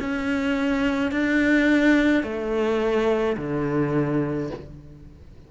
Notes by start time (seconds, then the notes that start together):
0.00 C#4
1.12 D4
2.24 A3
3.37 D3